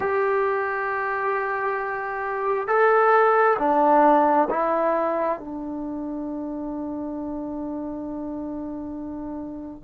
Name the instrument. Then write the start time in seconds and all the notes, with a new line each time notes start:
trombone
0.00 G4
2.67 A4
3.58 D4
4.49 E4
5.39 D4